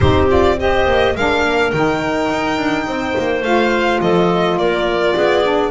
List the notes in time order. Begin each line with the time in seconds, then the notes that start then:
0.00 C4 D#4 G4 C5
0.28 F4 D5
0.57 G4 C5 D#5
0.86 A#3
1.14 G#3 D4 A#4 F5
1.43 A#3
1.71 D#3 D#4 G5
2.29 D#4
2.57 D4
2.86 C4 C5
3.18 A#3
3.41 A3 F4 F5
4.00 F3 A4 D#5
4.57 A#3 A#4 D5
5.14 B3 G#4
5.43 D4